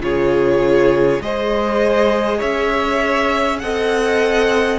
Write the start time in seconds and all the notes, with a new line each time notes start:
0.00 C#3 F4 G#4 C#5
1.21 G#3 G#4 C5 D#5
2.38 C#4 C#5 E5
3.59 C4 A4 D#5 F#5